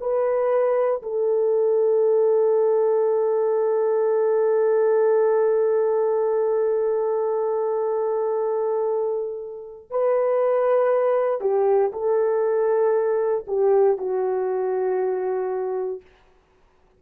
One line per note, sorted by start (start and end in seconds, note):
0.00 1.02 B4
1.02 9.90 A4
9.90 11.40 B4
11.40 11.91 G4
11.92 13.45 A4
13.47 13.97 G4
13.97 16.01 F#4